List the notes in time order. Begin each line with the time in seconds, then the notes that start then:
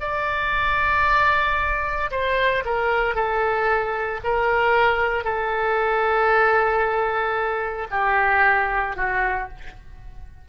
0.00 D5
2.11 C5
2.65 A#4
3.14 A4
4.23 A#4
5.24 A4
7.90 G4
8.96 F#4